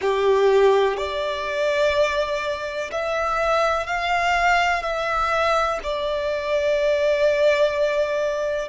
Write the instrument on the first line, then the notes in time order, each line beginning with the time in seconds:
violin
0.01 G4
0.97 D5
2.91 E5
3.86 F5
4.82 E5
5.83 D5